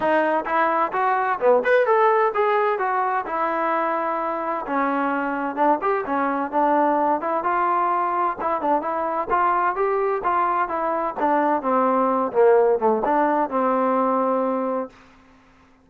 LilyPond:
\new Staff \with { instrumentName = "trombone" } { \time 4/4 \tempo 4 = 129 dis'4 e'4 fis'4 b8 b'8 | a'4 gis'4 fis'4 e'4~ | e'2 cis'2 | d'8 g'8 cis'4 d'4. e'8 |
f'2 e'8 d'8 e'4 | f'4 g'4 f'4 e'4 | d'4 c'4. ais4 a8 | d'4 c'2. | }